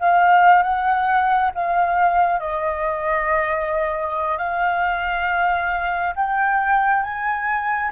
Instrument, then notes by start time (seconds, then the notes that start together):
flute
0.00 F5
0.63 F#5
1.55 F5
2.40 D#5
4.38 F5
6.16 G5
7.03 G#5